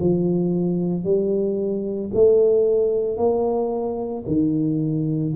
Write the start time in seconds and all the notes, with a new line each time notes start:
0.00 F3
1.04 G3
2.14 A3
3.17 A#3
4.27 D#3